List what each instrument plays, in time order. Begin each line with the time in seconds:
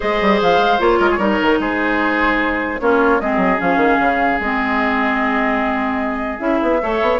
0.00 bassoon G#3, clarinet G#4, oboe C5, flute D#5
0.21 bassoon G3
0.41 bassoon F3, flute F5
0.58 bassoon G#3
0.79 bassoon A#3, clarinet F4, flute C#5
0.99 bassoon G#3, oboe A#4
1.10 oboe G#4
1.18 bassoon G3, clarinet D#4, oboe A#4
1.41 bassoon D#3
1.59 bassoon G#3, oboe G#4, flute C5
2.80 bassoon A#3, clarinet C#4, oboe F4, flute C#5
3.20 bassoon G#3, clarinet C4, oboe G#4, flute D#5
3.36 bassoon F#3
3.57 bassoon F3, clarinet C#4, flute F5
3.76 bassoon D#3
3.99 bassoon C#3
4.39 bassoon G#3, clarinet C4, flute D#5
6.39 bassoon C#4, clarinet E4, flute E5
6.62 bassoon B3
6.82 bassoon A3, clarinet A4, oboe C#5
7.01 bassoon B3